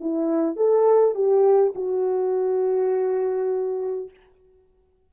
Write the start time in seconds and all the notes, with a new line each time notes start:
0.00 E4
0.56 A4
1.15 G4
1.75 F#4